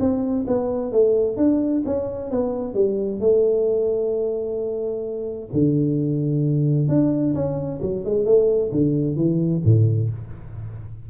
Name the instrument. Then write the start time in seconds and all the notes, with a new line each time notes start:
tuba
0.00 C4
0.47 B3
0.92 A3
1.37 D4
1.86 C#4
2.31 B3
2.74 G3
3.20 A3
5.53 D3
6.88 D4
7.35 C#4
7.82 F#3
8.05 G#3
8.25 A3
8.72 D3
9.16 E3
9.64 A2